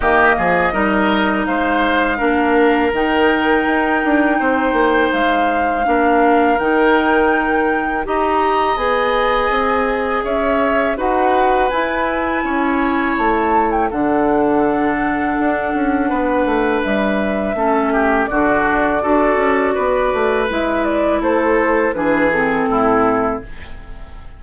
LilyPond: <<
  \new Staff \with { instrumentName = "flute" } { \time 4/4 \tempo 4 = 82 dis''2 f''2 | g''2. f''4~ | f''4 g''2 ais''4 | gis''2 e''4 fis''4 |
gis''2 a''8. g''16 fis''4~ | fis''2. e''4~ | e''4 d''2. | e''8 d''8 c''4 b'8 a'4. | }
  \new Staff \with { instrumentName = "oboe" } { \time 4/4 g'8 gis'8 ais'4 c''4 ais'4~ | ais'2 c''2 | ais'2. dis''4~ | dis''2 cis''4 b'4~ |
b'4 cis''2 a'4~ | a'2 b'2 | a'8 g'8 fis'4 a'4 b'4~ | b'4 a'4 gis'4 e'4 | }
  \new Staff \with { instrumentName = "clarinet" } { \time 4/4 ais4 dis'2 d'4 | dis'1 | d'4 dis'2 g'4 | gis'2. fis'4 |
e'2. d'4~ | d'1 | cis'4 d'4 fis'2 | e'2 d'8 c'4. | }
  \new Staff \with { instrumentName = "bassoon" } { \time 4/4 dis8 f8 g4 gis4 ais4 | dis4 dis'8 d'8 c'8 ais8 gis4 | ais4 dis2 dis'4 | b4 c'4 cis'4 dis'4 |
e'4 cis'4 a4 d4~ | d4 d'8 cis'8 b8 a8 g4 | a4 d4 d'8 cis'8 b8 a8 | gis4 a4 e4 a,4 | }
>>